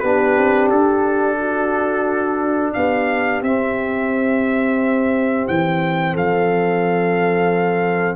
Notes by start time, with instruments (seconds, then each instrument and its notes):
0.00 tuba B3, trombone D4, horn G4, trumpet B4
0.37 tuba C4
0.70 tuba D4, trumpet A4
1.40 horn F#4
2.74 tuba B3, horn G4, trumpet F5
3.42 tuba C4, trombone C4, trumpet E5
5.48 tuba E3, trumpet G5
6.13 tuba F3, horn A4, trumpet F5